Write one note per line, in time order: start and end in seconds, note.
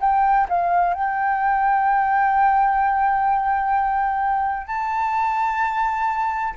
0.00 0.47 G5
0.49 0.94 F5
0.94 4.67 G5
4.67 6.54 A5